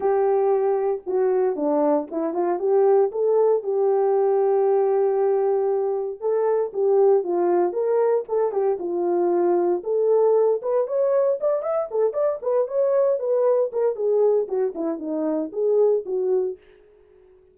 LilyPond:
\new Staff \with { instrumentName = "horn" } { \time 4/4 \tempo 4 = 116 g'2 fis'4 d'4 | e'8 f'8 g'4 a'4 g'4~ | g'1 | a'4 g'4 f'4 ais'4 |
a'8 g'8 f'2 a'4~ | a'8 b'8 cis''4 d''8 e''8 a'8 d''8 | b'8 cis''4 b'4 ais'8 gis'4 | fis'8 e'8 dis'4 gis'4 fis'4 | }